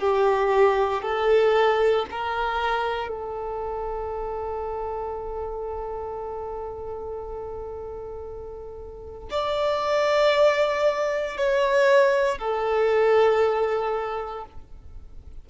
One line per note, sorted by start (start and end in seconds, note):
0.00 1.03 G4
1.03 2.06 A4
2.12 3.08 A#4
3.08 9.29 A4
9.31 11.38 D5
11.38 12.39 C#5
12.39 14.45 A4